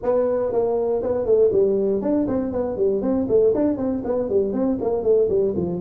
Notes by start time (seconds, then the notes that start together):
0.03 B3
0.52 A#3
1.02 B3
1.25 A3
1.52 G3
2.01 D4
2.27 C4
2.52 B3
2.76 G3
3.01 C4
3.28 A3
3.54 D4
3.77 C4
4.04 B3
4.29 G3
4.52 C4
4.81 A#3
5.03 A3
5.29 G3
5.56 F3